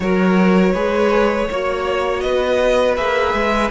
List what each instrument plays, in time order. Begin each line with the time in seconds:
0.00 cello F#3, viola F#4, violin A#4 C#5
0.73 cello G#3, viola G#4, violin B4
1.50 cello A#3, viola F#4, violin C#5
2.20 cello B3, violin B4 D#5
2.96 cello A#3, viola G#4, violin E5
3.33 cello G#3